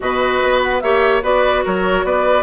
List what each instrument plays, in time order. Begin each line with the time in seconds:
0.00 bassoon B2, clarinet F#4, oboe B4, flute D#5
0.42 bassoon B3
0.62 flute F#5
0.80 bassoon A#3, clarinet G4, oboe C#5, flute E5
1.22 bassoon B3, clarinet F#4, oboe B4, flute D5
1.64 bassoon F#3, oboe A#4, flute C#5
2.03 bassoon B3, oboe B4, flute D5